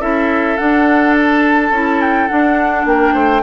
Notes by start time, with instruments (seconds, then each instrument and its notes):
0.00 bassoon C#4, clarinet E4, oboe A4, flute E5
0.57 clarinet D4, bassoon D4, flute F#5
1.18 flute A5
1.70 bassoon C#4, clarinet E4
2.01 flute G5
2.27 clarinet D4, bassoon D4, flute F#5
2.85 bassoon A#3, oboe A#4, flute G5
3.14 bassoon A3, oboe C5